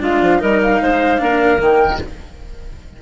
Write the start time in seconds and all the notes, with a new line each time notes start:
0.00 G#3 D4 F4 F5
0.22 F3
0.39 G3 D#4 A#4 D#5
0.62 F5
0.82 G#3 C5
1.18 A#3 D4 A#4
1.59 D#3 A#3 G5